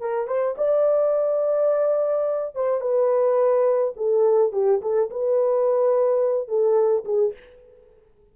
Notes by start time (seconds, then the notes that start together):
0.00 A#4
0.27 C5
0.57 D5
2.55 C5
2.81 B4
3.96 A4
4.52 G4
4.81 A4
5.10 B4
6.48 A4
7.04 G#4